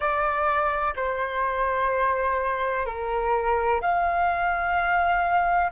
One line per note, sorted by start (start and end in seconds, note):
0.00 0.94 D5
0.96 2.85 C5
2.85 3.81 A#4
3.81 5.71 F5